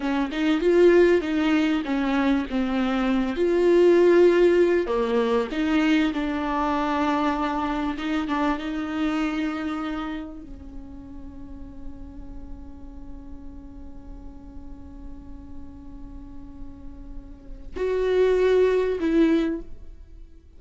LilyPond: \new Staff \with { instrumentName = "viola" } { \time 4/4 \tempo 4 = 98 cis'8 dis'8 f'4 dis'4 cis'4 | c'4. f'2~ f'8 | ais4 dis'4 d'2~ | d'4 dis'8 d'8 dis'2~ |
dis'4 cis'2.~ | cis'1~ | cis'1~ | cis'4 fis'2 e'4 | }